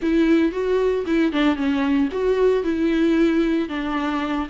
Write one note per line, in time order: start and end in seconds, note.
0.02 0.52 E4
0.52 1.04 F#4
1.06 1.32 E4
1.32 1.56 D4
1.56 2.08 C#4
2.11 2.63 F#4
2.63 3.68 E4
3.68 4.47 D4